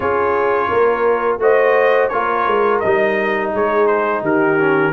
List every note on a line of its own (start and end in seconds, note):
0.00 0.70 C#4
0.00 1.40 F4
0.00 0.68 G#4
0.00 1.37 C#5
0.68 1.38 A#3
0.68 1.38 A#4
1.38 2.09 A3
1.38 2.10 F#4
1.38 2.11 C5
1.38 2.08 D#5
2.08 2.46 A#3
2.08 2.83 F4
2.08 3.52 A#4
2.08 2.79 C#5
2.46 2.81 G#3
2.79 3.54 G3
2.79 4.59 D#4
2.79 3.50 D#5
3.53 4.21 G#3
3.53 4.22 G#4
3.53 3.86 C#5
3.86 4.22 C5
4.21 4.92 D#3
4.21 4.92 G4
4.21 4.92 A#4
4.59 4.92 C#4